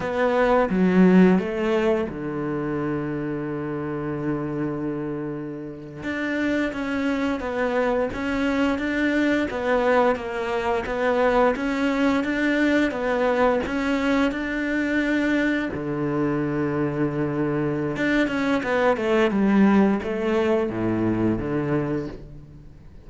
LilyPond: \new Staff \with { instrumentName = "cello" } { \time 4/4 \tempo 4 = 87 b4 fis4 a4 d4~ | d1~ | d8. d'4 cis'4 b4 cis'16~ | cis'8. d'4 b4 ais4 b16~ |
b8. cis'4 d'4 b4 cis'16~ | cis'8. d'2 d4~ d16~ | d2 d'8 cis'8 b8 a8 | g4 a4 a,4 d4 | }